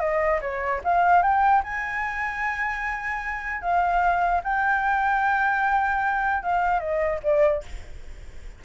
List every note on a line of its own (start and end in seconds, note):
0.00 0.40 D#5
0.41 0.81 C#5
0.84 1.23 F5
1.23 1.63 G5
1.64 3.62 G#5
3.62 4.42 F5
4.44 6.43 G5
6.43 6.80 F5
6.80 7.20 D#5
7.23 7.63 D5